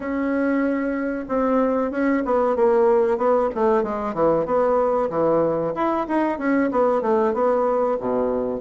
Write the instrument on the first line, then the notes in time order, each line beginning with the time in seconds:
bassoon
0.00 C#4
1.28 C4
1.91 C#4
2.25 B3
2.55 A#3
3.17 B3
3.54 A3
3.83 G#3
4.13 E3
4.45 B3
5.10 E3
5.74 E4
6.08 D#4
6.38 C#4
6.71 B3
7.01 A3
7.33 B3
8.00 B2